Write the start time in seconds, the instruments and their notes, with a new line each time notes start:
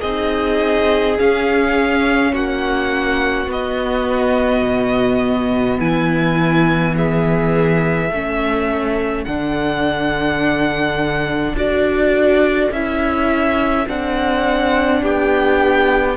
0.00 cello C4, viola D#4, violin G#4 D#5
1.18 viola C#4, cello C#4, violin F5
2.33 cello A#3, violin F#4 F#5
3.46 cello B3, viola B3, violin D#5
4.62 cello B2
5.78 cello E3, violin E4 G#5
6.96 violin G#4 E5
8.09 cello A3, viola C#4, violin A4
9.24 cello D3, viola D4, violin F#5
11.53 cello D4, viola F#4, violin D5
12.71 cello C#4, viola E4, violin E5
13.87 cello C4, viola D4, violin F#5
15.01 cello B3, violin G4 G5